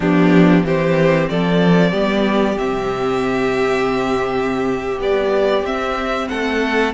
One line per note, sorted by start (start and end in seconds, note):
0.00 0.63 F3
0.00 0.64 B3
0.00 0.65 D4
0.00 0.65 G4
0.63 1.28 E3
0.63 1.92 C4
0.63 1.29 G4
0.63 1.29 C5
1.29 1.92 F3
1.29 1.91 A4
1.29 2.58 D5
1.91 2.57 G3
1.91 2.57 B3
1.91 6.26 G4
2.58 4.98 C3
2.58 4.98 C4
2.58 5.00 E5
4.98 5.63 G3
4.98 5.62 B3
4.98 5.65 D5
5.62 6.27 C4
5.62 6.93 C4
5.62 6.28 E5
6.28 6.93 A3
6.28 6.93 A4
6.28 6.93 F#5